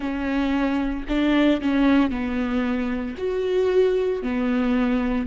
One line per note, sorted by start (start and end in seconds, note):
0.00 1.05 C#4
1.08 1.61 D4
1.61 2.11 C#4
2.11 3.16 B3
3.17 4.22 F#4
4.22 5.26 B3